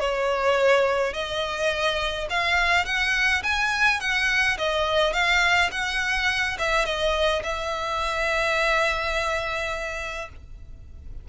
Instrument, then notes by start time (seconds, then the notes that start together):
violin
0.00 C#5
1.14 D#5
2.30 F5
2.85 F#5
3.43 G#5
4.01 F#5
4.58 D#5
5.13 F5
5.72 F#5
6.58 E5
6.85 D#5
7.44 E5